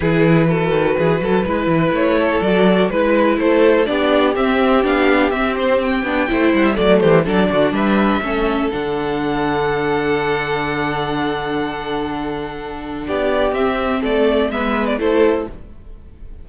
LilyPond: <<
  \new Staff \with { instrumentName = "violin" } { \time 4/4 \tempo 4 = 124 b'1 | cis''4 d''4 b'4 c''4 | d''4 e''4 f''4 e''8 c''8 | g''4. fis''16 e''16 d''8 c''8 d''4 |
e''2 fis''2~ | fis''1~ | fis''2. d''4 | e''4 d''4 e''8. d''16 c''4 | }
  \new Staff \with { instrumentName = "violin" } { \time 4/4 gis'4 a'4 gis'8 a'8 b'4~ | b'8 a'4. b'4 a'4 | g'1~ | g'4 c''4 d''8 g'8 a'8 fis'8 |
b'4 a'2.~ | a'1~ | a'2. g'4~ | g'4 a'4 b'4 a'4 | }
  \new Staff \with { instrumentName = "viola" } { \time 4/4 e'4 fis'2 e'4~ | e'4 fis'4 e'2 | d'4 c'4 d'4 c'4~ | c'8 d'8 e'4 a4 d'4~ |
d'4 cis'4 d'2~ | d'1~ | d'1 | c'2 b4 e'4 | }
  \new Staff \with { instrumentName = "cello" } { \time 4/4 e4. dis8 e8 fis8 gis8 e8 | a4 fis4 gis4 a4 | b4 c'4 b4 c'4~ | c'8 b8 a8 g8 fis8 e8 fis8 d8 |
g4 a4 d2~ | d1~ | d2. b4 | c'4 a4 gis4 a4 | }
>>